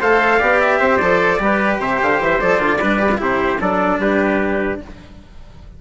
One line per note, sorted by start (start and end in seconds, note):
0.00 0.41 A3
0.00 0.40 A4
0.00 0.39 C5
0.00 0.61 F5
0.39 0.80 B3
0.39 1.00 G4
0.39 0.79 D5
0.61 0.97 E5
0.80 1.00 C4
0.80 1.40 C5
0.97 1.39 F3
0.97 1.40 A4
0.97 1.77 D5
1.39 1.79 G3
1.39 2.40 G4
1.39 1.81 B4
1.79 1.99 C3
1.79 2.79 C5
1.79 2.01 E5
2.02 2.20 D3
2.02 2.23 F5
2.20 2.40 E3
2.20 2.40 E5
2.40 2.58 F3
2.40 2.59 A4
2.40 3.20 D5
2.58 2.78 D3
2.58 2.79 F4
2.79 3.21 G3
2.79 2.99 D4
2.79 3.19 B4
2.99 3.09 G4
3.12 3.18 F4
3.18 3.60 C3
3.18 3.58 E4
3.18 3.61 G4
3.18 3.61 C5
3.60 3.98 F#3
3.60 4.81 D4
3.60 4.00 A4
3.60 4.01 D5
3.98 4.78 G3
3.98 4.81 G4
3.98 4.81 B4